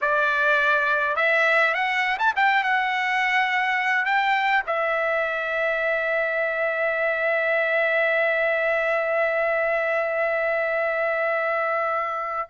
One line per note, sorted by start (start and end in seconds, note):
0.01 1.16 D5
1.16 1.73 E5
1.73 2.17 F#5
2.18 2.33 A5
2.35 2.63 G5
2.63 4.05 F#5
4.05 4.63 G5
4.66 12.49 E5